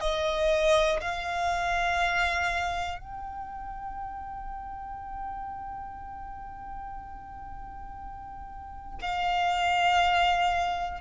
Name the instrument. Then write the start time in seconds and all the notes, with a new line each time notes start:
violin
0.00 D#5
1.01 F5
2.99 G5
9.01 F5